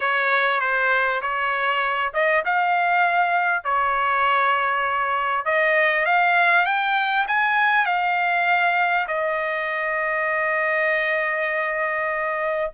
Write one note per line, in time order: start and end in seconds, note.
0.00 0.60 C#5
0.60 1.21 C5
1.21 2.12 C#5
2.13 2.44 D#5
2.45 3.64 F5
3.64 5.45 C#5
5.45 6.05 D#5
6.05 6.65 F5
6.65 7.26 G5
7.27 7.85 G#5
7.85 9.07 F5
9.07 12.71 D#5